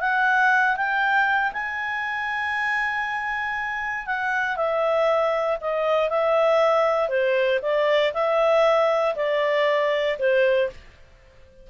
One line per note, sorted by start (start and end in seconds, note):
0.00 0.76 F#5
0.76 1.53 G5
1.53 4.06 G#5
4.06 4.56 F#5
4.56 5.58 E5
5.61 6.10 D#5
6.10 7.09 E5
7.09 7.60 C5
7.62 8.13 D5
8.14 9.15 E5
9.16 10.17 D5
10.19 10.70 C5